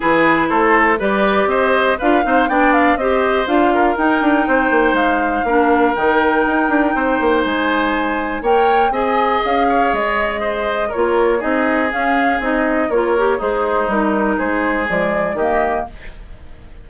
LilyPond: <<
  \new Staff \with { instrumentName = "flute" } { \time 4/4 \tempo 4 = 121 b'4 c''4 d''4 dis''4 | f''4 g''8 f''8 dis''4 f''4 | g''2 f''2 | g''2. gis''4~ |
gis''4 g''4 gis''4 f''4 | dis''2 cis''4 dis''4 | f''4 dis''4 cis''4 c''4 | ais'4 c''4 d''4 dis''4 | }
  \new Staff \with { instrumentName = "oboe" } { \time 4/4 gis'4 a'4 b'4 c''4 | b'8 c''8 d''4 c''4. ais'8~ | ais'4 c''2 ais'4~ | ais'2 c''2~ |
c''4 cis''4 dis''4. cis''8~ | cis''4 c''4 ais'4 gis'4~ | gis'2 ais'4 dis'4~ | dis'4 gis'2 g'4 | }
  \new Staff \with { instrumentName = "clarinet" } { \time 4/4 e'2 g'2 | f'8 dis'8 d'4 g'4 f'4 | dis'2. d'4 | dis'1~ |
dis'4 ais'4 gis'2~ | gis'2 f'4 dis'4 | cis'4 dis'4 f'8 g'8 gis'4 | dis'2 gis4 ais4 | }
  \new Staff \with { instrumentName = "bassoon" } { \time 4/4 e4 a4 g4 c'4 | d'8 c'8 b4 c'4 d'4 | dis'8 d'8 c'8 ais8 gis4 ais4 | dis4 dis'8 d'8 c'8 ais8 gis4~ |
gis4 ais4 c'4 cis'4 | gis2 ais4 c'4 | cis'4 c'4 ais4 gis4 | g4 gis4 f4 dis4 | }
>>